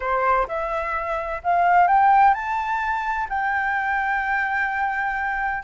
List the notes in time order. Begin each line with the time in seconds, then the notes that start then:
0.00 C5
0.48 E5
1.43 F5
1.87 G5
2.34 A5
3.29 G5